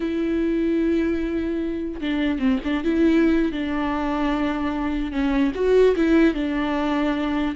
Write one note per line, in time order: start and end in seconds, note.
0.00 2.01 E4
2.01 2.38 D4
2.38 2.59 C4
2.64 2.84 D4
2.84 3.51 E4
3.51 5.11 D4
5.11 5.52 C#4
5.55 5.95 F#4
5.96 6.34 E4
6.34 7.54 D4